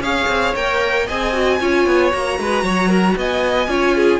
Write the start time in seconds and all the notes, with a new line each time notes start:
0.00 C#4 G#4 C#5 F5
0.28 C4
0.56 A#3 A#4 G5
1.06 C4 G#4 D#5 G#5
1.33 F#4
1.60 C#4 F4 C#5
1.86 B3
2.11 A#3 F#4 A#5
2.38 G#3 B4
2.63 F#3 C#5
2.89 A#4
3.16 B3 D#5 G#5
3.67 C#4 F4 C#5
3.96 G#4